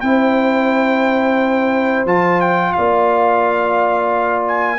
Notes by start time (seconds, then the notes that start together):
0.00 C4 E4 C5 G5
2.05 F3 F4 A5
2.40 G5
2.72 A#3 D5 F5
4.47 G#5